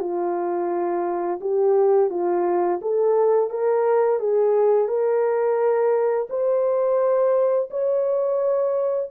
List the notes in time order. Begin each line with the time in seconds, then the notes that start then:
0.00 F4
1.40 G4
2.10 F4
2.82 A4
3.50 A#4
4.20 G#4
4.88 A#4
6.30 C5
7.70 C#5